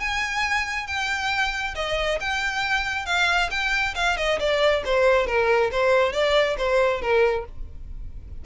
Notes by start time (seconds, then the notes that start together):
0.00 G#5
0.87 G5
1.76 D#5
2.21 G5
3.06 F5
3.51 G5
3.95 F5
4.17 D#5
4.40 D5
4.85 C5
5.27 A#4
5.72 C5
6.13 D5
6.58 C5
7.02 A#4